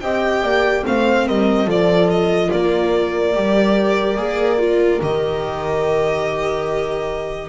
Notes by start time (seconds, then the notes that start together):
0.00 C4 G4 D#5 G5
0.42 A#3 D5
0.84 A3 C4 C5 F5
1.27 G3 A#4 D#5
1.66 F3 F4 A4 D5
2.09 D#5
2.51 A#3 A#4 D5
3.34 G3 G4
4.16 A#3 G#4
4.58 F4
5.00 D#3 G4 D#5